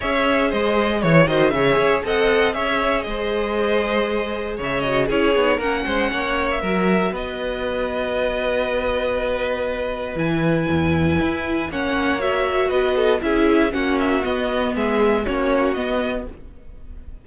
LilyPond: <<
  \new Staff \with { instrumentName = "violin" } { \time 4/4 \tempo 4 = 118 e''4 dis''4 cis''8 dis''8 e''4 | fis''4 e''4 dis''2~ | dis''4 e''8 dis''8 cis''4 fis''4~ | fis''8. e''4~ e''16 dis''2~ |
dis''1 | gis''2. fis''4 | e''4 dis''4 e''4 fis''8 e''8 | dis''4 e''4 cis''4 dis''4 | }
  \new Staff \with { instrumentName = "violin" } { \time 4/4 cis''4 c''4 cis''8 c''8 cis''4 | dis''4 cis''4 c''2~ | c''4 cis''4 gis'4 ais'8 c''8 | cis''4 ais'4 b'2~ |
b'1~ | b'2. cis''4~ | cis''4 b'8 a'8 gis'4 fis'4~ | fis'4 gis'4 fis'2 | }
  \new Staff \with { instrumentName = "viola" } { \time 4/4 gis'2~ gis'8 fis'8 gis'4 | a'4 gis'2.~ | gis'4. fis'8 e'8 dis'8 cis'4~ | cis'4 fis'2.~ |
fis'1 | e'2. cis'4 | fis'2 e'4 cis'4 | b2 cis'4 b4 | }
  \new Staff \with { instrumentName = "cello" } { \time 4/4 cis'4 gis4 e8 dis8 cis8 cis'8 | c'4 cis'4 gis2~ | gis4 cis4 cis'8 b8 ais8 gis8 | ais4 fis4 b2~ |
b1 | e4 e,4 e'4 ais4~ | ais4 b4 cis'4 ais4 | b4 gis4 ais4 b4 | }
>>